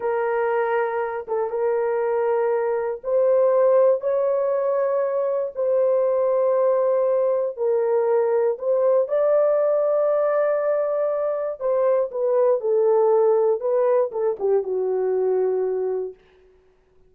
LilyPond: \new Staff \with { instrumentName = "horn" } { \time 4/4 \tempo 4 = 119 ais'2~ ais'8 a'8 ais'4~ | ais'2 c''2 | cis''2. c''4~ | c''2. ais'4~ |
ais'4 c''4 d''2~ | d''2. c''4 | b'4 a'2 b'4 | a'8 g'8 fis'2. | }